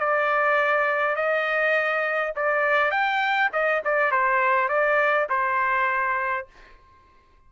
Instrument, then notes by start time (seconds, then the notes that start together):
trumpet
0.00 D5
1.16 D#5
2.36 D5
2.91 G5
3.53 D#5
3.85 D5
4.12 C5
4.69 D5
5.30 C5